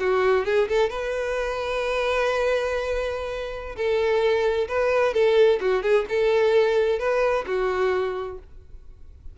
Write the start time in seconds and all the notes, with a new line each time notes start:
0.00 F#4
0.45 G#4
0.69 A4
0.90 B4
3.76 A4
4.68 B4
5.14 A4
5.61 F#4
5.83 G#4
6.09 A4
6.99 B4
7.47 F#4